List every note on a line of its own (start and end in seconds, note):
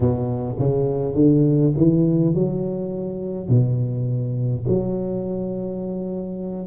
0.00 0.56 B2
0.58 1.15 C#3
1.15 1.73 D3
1.77 2.34 E3
2.34 3.48 F#3
3.48 4.65 B2
4.67 6.66 F#3